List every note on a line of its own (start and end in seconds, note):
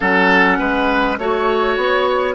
0.00 0.59 F#3
0.00 1.18 C#4
0.00 0.58 A4
0.00 1.15 F#5
0.58 1.18 G#3
0.58 1.17 B4
1.18 1.76 A3
1.18 2.35 F#4
1.18 2.35 C#5
1.76 2.35 B3